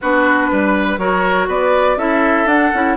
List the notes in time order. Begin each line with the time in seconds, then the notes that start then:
0.01 B3 D4 F#4 B4
0.51 G3 B4
0.98 F#3 F#4 A#4 C#5
1.47 B3 B4 D5
1.97 C#4 E4 A4 E5
2.45 D4 F#5
2.73 C#4 E4